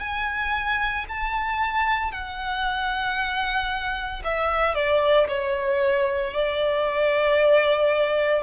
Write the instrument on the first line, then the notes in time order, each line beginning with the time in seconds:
violin
0.00 G#5
1.09 A5
2.12 F#5
4.24 E5
4.75 D5
5.28 C#5
6.33 D5